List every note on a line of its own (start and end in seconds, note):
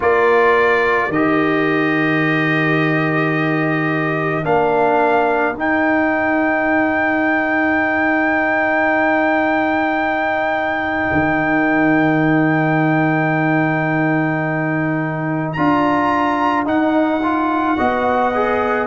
0.00 1.09 A#3
0.00 1.10 F4
0.00 17.77 A#4
0.00 1.11 D5
1.09 4.42 D#3
1.09 4.43 G4
1.09 4.44 D#5
4.43 5.54 A#3
4.43 5.54 D4
4.43 5.56 F5
5.54 11.09 D#4
5.54 15.57 D#4
5.54 15.52 G5
11.12 15.56 D#3
15.52 16.65 D4
15.52 16.65 F4
15.52 16.63 A#5
16.65 17.20 D#4
16.65 17.76 D#4
16.65 18.86 F#5
17.22 17.77 F4
17.77 18.86 B3
17.77 18.32 F#4
17.77 18.86 D#5
18.34 18.86 G#4